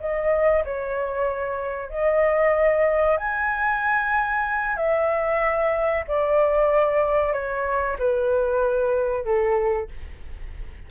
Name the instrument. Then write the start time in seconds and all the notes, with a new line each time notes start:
flute
0.00 D#5
0.64 C#5
1.90 D#5
3.17 G#5
4.77 E5
6.08 D5
7.33 C#5
7.99 B4
9.25 A4